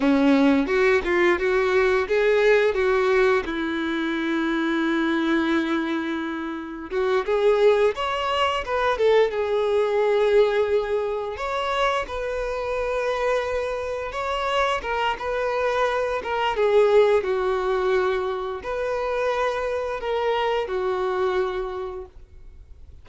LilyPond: \new Staff \with { instrumentName = "violin" } { \time 4/4 \tempo 4 = 87 cis'4 fis'8 f'8 fis'4 gis'4 | fis'4 e'2.~ | e'2 fis'8 gis'4 cis''8~ | cis''8 b'8 a'8 gis'2~ gis'8~ |
gis'8 cis''4 b'2~ b'8~ | b'8 cis''4 ais'8 b'4. ais'8 | gis'4 fis'2 b'4~ | b'4 ais'4 fis'2 | }